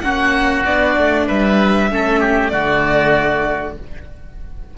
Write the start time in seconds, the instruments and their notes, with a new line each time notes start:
0.00 cello A#3, viola C#4, oboe F#4, violin F#5
0.65 cello B3, viola D4, violin D5
0.98 cello A3
1.27 cello G3, oboe B4, violin E5
1.91 cello A3, viola C#4, oboe A4
2.20 oboe G4
2.49 cello D3, viola A3, oboe F#4, violin D5